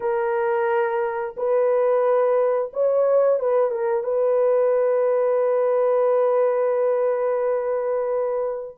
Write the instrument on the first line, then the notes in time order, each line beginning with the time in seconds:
horn
0.00 A#4
1.36 B4
2.73 C#5
3.39 B4
3.70 A#4
4.03 B4